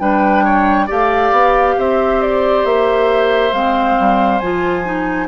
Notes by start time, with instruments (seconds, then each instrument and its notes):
0.00 bassoon G3, clarinet D4, oboe B4, flute G5
0.45 oboe C#5
0.87 bassoon A3, clarinet G4, oboe D5, flute F5
1.32 bassoon B3
1.78 bassoon C4, oboe C5, flute E5
2.22 flute D5
2.65 bassoon A#3, flute E5
3.53 bassoon G#3, clarinet C4, flute F5
4.00 bassoon G3
4.40 bassoon F3, clarinet F4, flute G#5
4.85 clarinet D#4